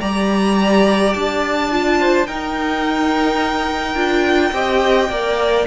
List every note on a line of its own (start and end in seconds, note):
0.00 1.14 G3
0.00 1.71 G4
0.00 1.98 D5
0.00 1.14 A#5
1.14 2.28 D4
1.14 2.27 A5
1.71 2.28 F4
2.00 2.28 C5
2.27 3.95 D#4
2.27 3.96 D#4
2.27 4.54 A#4
2.27 5.67 G5
3.95 4.52 D4
3.95 4.52 F4
4.53 5.10 C4
4.53 5.10 G4
4.53 5.10 D#5
5.10 5.66 A#3
5.10 5.67 A#4
5.10 5.67 D5